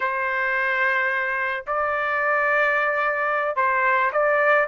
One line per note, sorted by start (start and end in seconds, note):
0.00 1.64 C5
1.67 3.56 D5
3.56 4.11 C5
4.12 4.67 D5